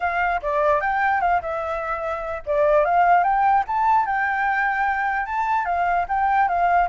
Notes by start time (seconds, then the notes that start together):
0.00 F5
0.42 D5
0.80 G5
1.21 F5
1.41 E5
2.45 D5
2.84 F5
3.23 G5
3.67 A5
4.06 G5
5.26 A5
5.65 F5
6.08 G5
6.48 F5